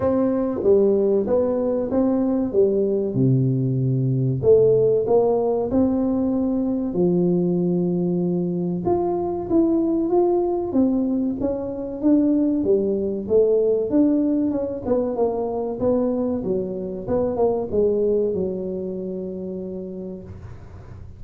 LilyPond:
\new Staff \with { instrumentName = "tuba" } { \time 4/4 \tempo 4 = 95 c'4 g4 b4 c'4 | g4 c2 a4 | ais4 c'2 f4~ | f2 f'4 e'4 |
f'4 c'4 cis'4 d'4 | g4 a4 d'4 cis'8 b8 | ais4 b4 fis4 b8 ais8 | gis4 fis2. | }